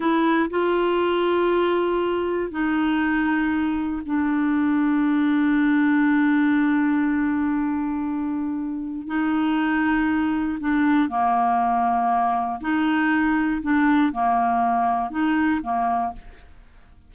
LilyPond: \new Staff \with { instrumentName = "clarinet" } { \time 4/4 \tempo 4 = 119 e'4 f'2.~ | f'4 dis'2. | d'1~ | d'1~ |
d'2 dis'2~ | dis'4 d'4 ais2~ | ais4 dis'2 d'4 | ais2 dis'4 ais4 | }